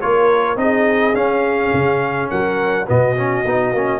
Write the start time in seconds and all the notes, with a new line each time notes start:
0.00 A#3 F4 A#4 C#5
0.56 C4 D#4 G#4 D#5
1.13 C#4 F5
1.73 C#3
2.29 F#3 A#4 F#5
2.87 B2 B3 F#4 D#5
3.16 C#4
3.45 B3 D#4
3.72 A#3 C#4